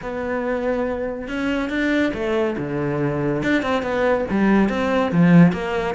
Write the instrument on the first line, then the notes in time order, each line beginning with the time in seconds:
cello
0.02 B3
1.28 C#4
1.69 D4
2.14 A3
2.58 D3
3.42 D4
3.62 C4
3.82 B3
4.30 G3
4.69 C4
5.11 F3
5.52 A#3